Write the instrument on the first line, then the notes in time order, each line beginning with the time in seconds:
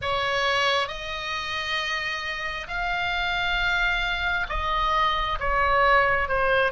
oboe
0.01 C#5
0.88 D#5
2.67 F5
4.49 D#5
5.39 C#5
6.28 C5